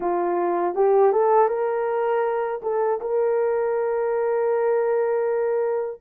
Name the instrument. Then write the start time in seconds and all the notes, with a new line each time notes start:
horn
0.00 F4
0.75 G4
1.12 A4
1.48 A#4
2.62 A4
3.00 A#4